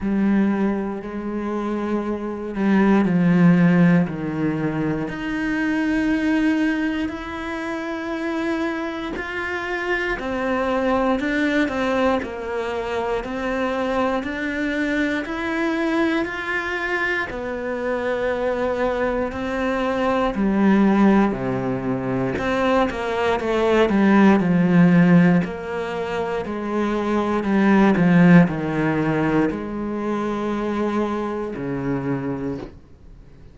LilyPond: \new Staff \with { instrumentName = "cello" } { \time 4/4 \tempo 4 = 59 g4 gis4. g8 f4 | dis4 dis'2 e'4~ | e'4 f'4 c'4 d'8 c'8 | ais4 c'4 d'4 e'4 |
f'4 b2 c'4 | g4 c4 c'8 ais8 a8 g8 | f4 ais4 gis4 g8 f8 | dis4 gis2 cis4 | }